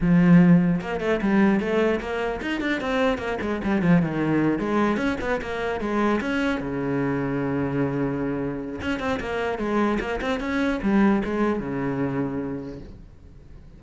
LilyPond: \new Staff \with { instrumentName = "cello" } { \time 4/4 \tempo 4 = 150 f2 ais8 a8 g4 | a4 ais4 dis'8 d'8 c'4 | ais8 gis8 g8 f8 dis4. gis8~ | gis8 cis'8 b8 ais4 gis4 cis'8~ |
cis'8 cis2.~ cis8~ | cis2 cis'8 c'8 ais4 | gis4 ais8 c'8 cis'4 g4 | gis4 cis2. | }